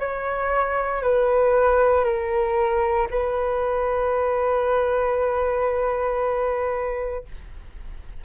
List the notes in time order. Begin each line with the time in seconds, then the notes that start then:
0.00 C#5
1.03 B4
2.05 A#4
3.11 B4